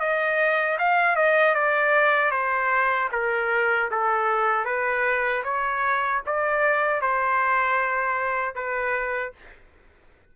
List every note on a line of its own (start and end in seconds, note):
0.00 0.78 D#5
0.79 1.16 F5
1.16 1.55 D#5
1.55 2.31 D5
2.31 3.09 C5
3.12 3.90 A#4
3.91 4.65 A4
4.65 5.43 B4
5.44 6.22 C#5
6.26 7.02 D5
7.02 8.55 C5
8.55 9.33 B4